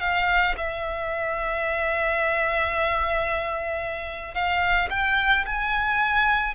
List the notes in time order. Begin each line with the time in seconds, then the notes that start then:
0.00 F5
0.58 E5
4.34 F5
4.90 G5
5.46 G#5